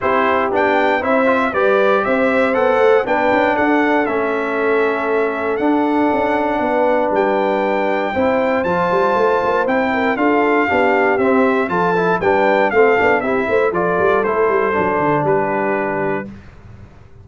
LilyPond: <<
  \new Staff \with { instrumentName = "trumpet" } { \time 4/4 \tempo 4 = 118 c''4 g''4 e''4 d''4 | e''4 fis''4 g''4 fis''4 | e''2. fis''4~ | fis''2 g''2~ |
g''4 a''2 g''4 | f''2 e''4 a''4 | g''4 f''4 e''4 d''4 | c''2 b'2 | }
  \new Staff \with { instrumentName = "horn" } { \time 4/4 g'2 c''4 b'4 | c''2 b'4 a'4~ | a'1~ | a'4 b'2. |
c''2.~ c''8 ais'8 | a'4 g'2 a'4 | b'4 a'4 g'8 c''8 a'4~ | a'2 g'2 | }
  \new Staff \with { instrumentName = "trombone" } { \time 4/4 e'4 d'4 e'8 f'8 g'4~ | g'4 a'4 d'2 | cis'2. d'4~ | d'1 |
e'4 f'2 e'4 | f'4 d'4 c'4 f'8 e'8 | d'4 c'8 d'8 e'4 f'4 | e'4 d'2. | }
  \new Staff \with { instrumentName = "tuba" } { \time 4/4 c'4 b4 c'4 g4 | c'4 b8 a8 b8 cis'8 d'4 | a2. d'4 | cis'4 b4 g2 |
c'4 f8 g8 a8 ais8 c'4 | d'4 b4 c'4 f4 | g4 a8 b8 c'8 a8 f8 g8 | a8 g8 fis8 d8 g2 | }
>>